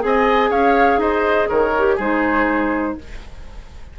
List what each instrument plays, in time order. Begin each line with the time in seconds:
0.00 bassoon C4, clarinet G#4, flute G#5
0.06 oboe D#5
0.50 bassoon C#4, oboe C#5, flute F5
0.97 bassoon D#4, oboe C5, flute D#5
1.48 bassoon D#3, oboe A#4, flute C#5
1.78 clarinet G4
1.95 bassoon G#3, clarinet D#4, oboe G#4, flute C5